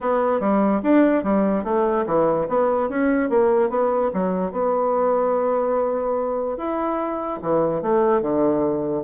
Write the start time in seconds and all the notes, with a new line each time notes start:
0.00 B3
0.40 G3
0.82 D4
1.23 G3
1.64 A3
2.06 E3
2.48 B3
2.89 C#4
3.29 A#3
3.69 B3
4.13 F#3
4.52 B3
6.57 E4
7.42 E3
7.82 A3
8.21 D3